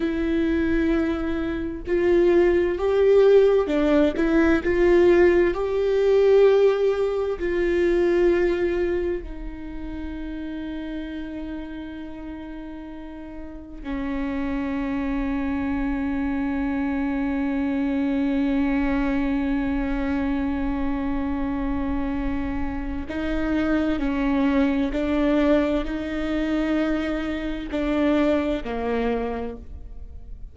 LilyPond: \new Staff \with { instrumentName = "viola" } { \time 4/4 \tempo 4 = 65 e'2 f'4 g'4 | d'8 e'8 f'4 g'2 | f'2 dis'2~ | dis'2. cis'4~ |
cis'1~ | cis'1~ | cis'4 dis'4 cis'4 d'4 | dis'2 d'4 ais4 | }